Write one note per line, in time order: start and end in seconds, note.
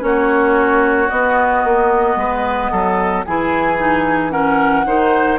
0.00 1.09 A#3
0.00 1.07 C#4
0.00 2.19 F#4
0.00 1.09 C#5
1.09 1.64 B3
1.09 3.26 B3
1.09 3.23 D#5
1.64 2.16 A#3
2.16 2.69 G#3
2.16 2.71 B4
2.71 3.26 F#3
2.71 3.25 A4
3.25 4.85 E3
3.25 3.78 E4
3.25 4.32 G#4
3.25 4.30 G#5
3.78 4.31 D#4
4.30 4.84 C#4
4.30 4.85 A#4
4.30 5.37 F#5
4.85 5.39 D#3
4.85 5.39 D#4
4.85 5.39 C5